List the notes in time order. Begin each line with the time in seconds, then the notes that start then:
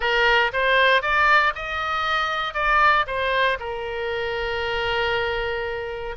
0.00 A#4
0.52 C5
1.02 D5
1.55 D#5
2.54 D5
3.06 C5
3.59 A#4